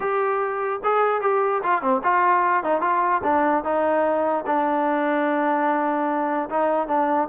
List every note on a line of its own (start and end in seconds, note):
0.00 0.80 G4
0.83 1.21 G#4
1.21 1.61 G4
1.63 1.81 F4
1.81 2.01 C4
2.03 2.63 F4
2.63 2.81 D#4
2.81 3.21 F4
3.23 3.64 D4
3.64 4.45 D#4
4.46 6.49 D4
6.49 6.87 D#4
6.87 7.28 D4